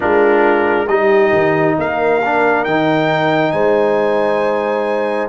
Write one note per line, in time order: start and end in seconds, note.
0.00 0.87 G#3
0.00 0.87 D4
0.00 0.87 F4
0.00 0.87 A#4
0.87 1.31 G3
0.87 2.22 D#4
0.87 1.77 G4
0.87 1.75 D#5
1.32 1.76 D#3
1.77 2.65 A#3
1.77 3.53 A#4
1.77 2.64 F5
2.24 2.67 D4
2.64 3.52 D#3
2.64 5.29 D#4
2.64 3.51 G5
3.51 5.29 G#3
3.51 5.29 C5
3.51 5.28 G#5